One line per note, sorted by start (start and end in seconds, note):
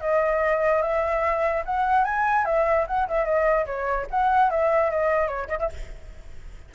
0.00 0.82 D#5
0.82 1.63 E5
1.65 2.04 F#5
2.04 2.45 G#5
2.45 2.86 E5
2.87 3.07 F#5
3.08 3.24 E5
3.24 3.65 D#5
3.65 4.06 C#5
4.10 4.50 F#5
4.50 4.90 E5
4.90 5.27 D#5
5.27 5.48 C#5
5.48 5.58 D#5
5.59 5.69 E5